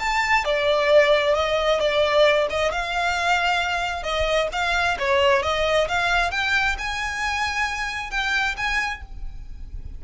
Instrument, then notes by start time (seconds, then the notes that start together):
violin
0.00 A5
0.45 D5
1.35 D#5
1.80 D5
2.50 D#5
2.72 F5
4.04 D#5
4.53 F5
5.00 C#5
5.43 D#5
5.89 F5
6.31 G5
6.79 G#5
8.11 G5
8.57 G#5